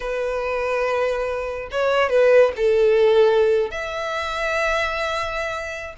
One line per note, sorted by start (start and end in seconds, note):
0.00 1.69 B4
1.71 2.09 C#5
2.09 2.52 B4
2.56 3.70 A4
3.70 5.94 E5